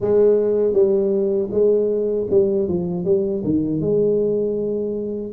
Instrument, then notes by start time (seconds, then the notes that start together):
tuba
0.00 G#3
0.73 G3
1.51 G#3
2.30 G3
2.68 F3
3.04 G3
3.43 D#3
3.80 G#3